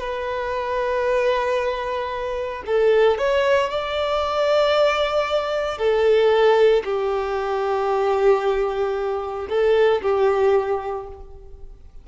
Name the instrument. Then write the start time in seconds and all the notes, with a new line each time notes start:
violin
0.00 B4
2.66 A4
3.18 C#5
3.70 D5
5.78 A4
6.84 G4
9.49 A4
10.02 G4